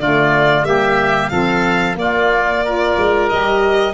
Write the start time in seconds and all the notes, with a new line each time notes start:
0.00 D3 A3 F4 D5
0.64 G3 A#3 G4 E5
1.30 F3 C4 A4 F5
1.95 A#3 D5
2.02 F4
2.65 F4 A#4
2.98 G#3
3.30 G3 G4 D#5